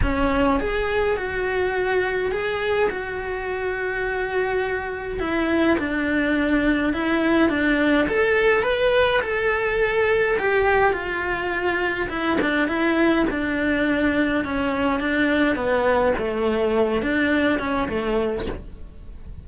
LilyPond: \new Staff \with { instrumentName = "cello" } { \time 4/4 \tempo 4 = 104 cis'4 gis'4 fis'2 | gis'4 fis'2.~ | fis'4 e'4 d'2 | e'4 d'4 a'4 b'4 |
a'2 g'4 f'4~ | f'4 e'8 d'8 e'4 d'4~ | d'4 cis'4 d'4 b4 | a4. d'4 cis'8 a4 | }